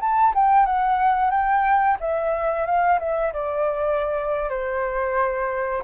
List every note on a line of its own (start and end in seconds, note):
0.00 0.33 A5
0.35 0.66 G5
0.66 1.31 F#5
1.31 1.97 G5
2.00 2.65 E5
2.65 2.99 F5
2.99 3.33 E5
3.33 4.49 D5
4.49 5.83 C5